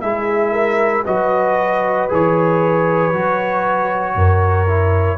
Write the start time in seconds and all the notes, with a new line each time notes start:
0.00 G#3 E4 G#4 E5
0.52 A#4
1.04 F#3 F#4 B4 D#5
2.08 E3 G#4 C#5
3.13 F#3 F#4
4.15 F#2 A#4
4.67 E4